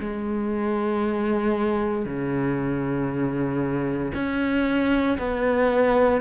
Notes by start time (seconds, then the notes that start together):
0.00 G#3
2.05 C#3
4.14 C#4
5.18 B3